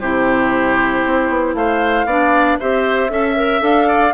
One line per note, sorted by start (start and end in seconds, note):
0.00 1.04 C3
0.00 2.08 E4
0.00 1.55 G4
0.00 1.54 C5
1.04 1.28 C4
1.28 1.54 B3
1.54 2.05 A3
1.54 2.06 C5
1.54 2.58 F5
2.05 2.57 B3
2.05 2.60 D4
2.05 2.58 D5
2.59 3.10 C4
2.59 3.09 G4
2.59 3.11 C5
2.59 3.63 E5
3.09 3.61 C#4
3.09 3.35 A4
3.09 3.88 E5
3.36 3.60 A#4
3.60 4.13 D4
3.60 4.12 A4
3.60 4.13 F5
3.88 4.13 D5